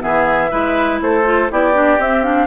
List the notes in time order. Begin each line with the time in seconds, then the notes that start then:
0.00 E3 B3 G#4 E5
0.50 G#3 E4 B4
1.01 A3 A4 C5
1.24 F4
1.50 B3 E4 G4 D5
1.73 D4
1.98 C4 E5
2.23 D4 F5